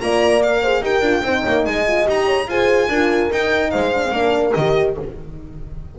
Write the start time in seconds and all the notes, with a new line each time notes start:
0.00 A#3 F4 D5 A#5
0.42 A#4 F5
0.61 G#4 C5
0.82 D#4 G4 A#4 G5
1.01 D4 F4
1.22 C4 D#4 C5
1.42 A#3 C#5
1.65 G#3 D#5 G#5
1.87 F4
2.04 D#4 G4 A#5
2.25 C#5
2.47 F4 G#4 C5 G#5
2.88 D4 F4 A#4
3.31 D#4 G5
3.70 G#3 C5 F5
3.94 D4
4.04 C4
4.11 A#3 D4 A#4
4.53 D#3 G4 D#5